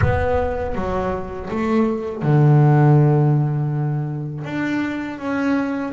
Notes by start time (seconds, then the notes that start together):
0.01 B3
0.74 F#3
1.50 A3
2.22 D3
4.44 D4
5.19 C#4